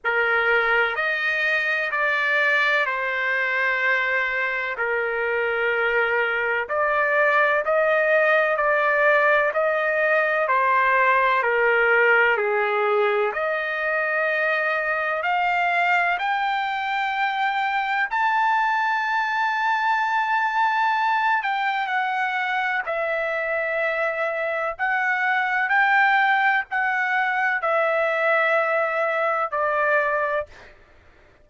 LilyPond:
\new Staff \with { instrumentName = "trumpet" } { \time 4/4 \tempo 4 = 63 ais'4 dis''4 d''4 c''4~ | c''4 ais'2 d''4 | dis''4 d''4 dis''4 c''4 | ais'4 gis'4 dis''2 |
f''4 g''2 a''4~ | a''2~ a''8 g''8 fis''4 | e''2 fis''4 g''4 | fis''4 e''2 d''4 | }